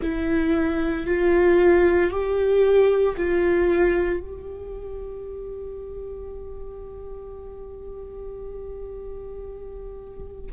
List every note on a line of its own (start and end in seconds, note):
0.02 1.06 E4
1.06 2.10 F4
2.10 3.15 G4
3.16 4.20 F4
4.20 10.51 G4